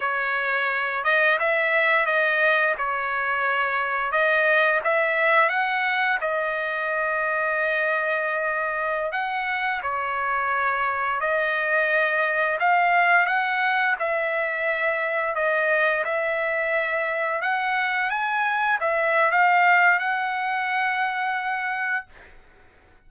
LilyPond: \new Staff \with { instrumentName = "trumpet" } { \time 4/4 \tempo 4 = 87 cis''4. dis''8 e''4 dis''4 | cis''2 dis''4 e''4 | fis''4 dis''2.~ | dis''4~ dis''16 fis''4 cis''4.~ cis''16~ |
cis''16 dis''2 f''4 fis''8.~ | fis''16 e''2 dis''4 e''8.~ | e''4~ e''16 fis''4 gis''4 e''8. | f''4 fis''2. | }